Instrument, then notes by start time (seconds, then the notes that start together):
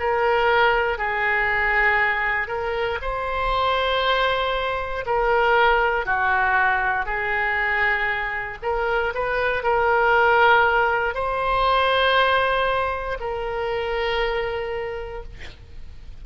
oboe
0.00 A#4
0.98 G#4
2.48 A#4
3.02 C5
5.07 A#4
6.06 F#4
7.06 G#4
8.63 A#4
9.15 B4
9.64 A#4
11.15 C5
13.20 A#4